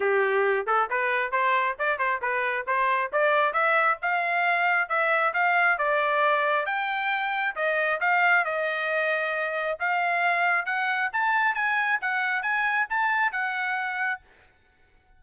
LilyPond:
\new Staff \with { instrumentName = "trumpet" } { \time 4/4 \tempo 4 = 135 g'4. a'8 b'4 c''4 | d''8 c''8 b'4 c''4 d''4 | e''4 f''2 e''4 | f''4 d''2 g''4~ |
g''4 dis''4 f''4 dis''4~ | dis''2 f''2 | fis''4 a''4 gis''4 fis''4 | gis''4 a''4 fis''2 | }